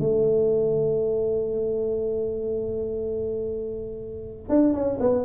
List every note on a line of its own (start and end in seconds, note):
0.00 4.50 A3
4.50 4.74 D4
4.74 4.99 C#4
5.00 5.25 B3